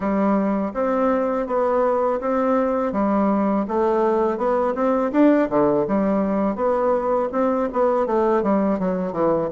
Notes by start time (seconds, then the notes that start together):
0.00 G3
0.74 C4
1.46 B3
2.20 C4
2.92 G3
3.68 A3
4.37 B3
4.74 C4
5.12 D4
5.49 D3
5.87 G3
6.55 B3
7.32 C4
7.72 B3
8.06 A3
8.42 G3
8.79 F#3
9.12 E3